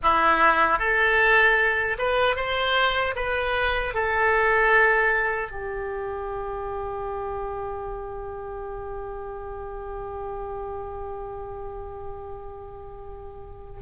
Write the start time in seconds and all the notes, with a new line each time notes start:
0.02 E4
0.79 A4
1.98 B4
2.35 C5
3.15 B4
3.93 A4
5.51 G4